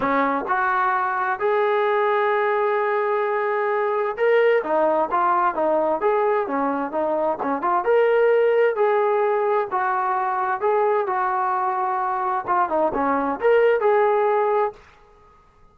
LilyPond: \new Staff \with { instrumentName = "trombone" } { \time 4/4 \tempo 4 = 130 cis'4 fis'2 gis'4~ | gis'1~ | gis'4 ais'4 dis'4 f'4 | dis'4 gis'4 cis'4 dis'4 |
cis'8 f'8 ais'2 gis'4~ | gis'4 fis'2 gis'4 | fis'2. f'8 dis'8 | cis'4 ais'4 gis'2 | }